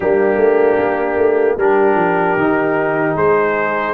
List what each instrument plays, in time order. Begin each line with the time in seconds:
0.00 tuba G3, trombone A#3, horn D4, trumpet G4
0.36 tuba A3
0.78 tuba A#3
1.17 tuba A3
1.56 tuba G3, trombone D4, horn G4, trumpet A#4
1.95 tuba F3
2.36 tuba D#3, trombone D#4
3.16 tuba G#3, horn G#4, trumpet C5